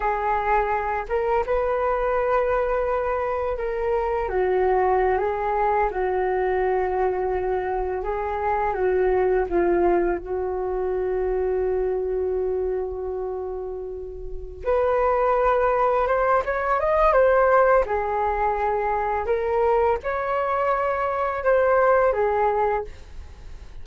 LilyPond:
\new Staff \with { instrumentName = "flute" } { \time 4/4 \tempo 4 = 84 gis'4. ais'8 b'2~ | b'4 ais'4 fis'4~ fis'16 gis'8.~ | gis'16 fis'2. gis'8.~ | gis'16 fis'4 f'4 fis'4.~ fis'16~ |
fis'1~ | fis'8 b'2 c''8 cis''8 dis''8 | c''4 gis'2 ais'4 | cis''2 c''4 gis'4 | }